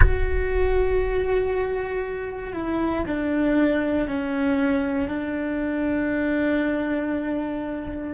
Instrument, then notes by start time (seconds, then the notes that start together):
cello
0.00 F#4
2.53 E4
3.06 D4
4.07 C#4
5.08 D4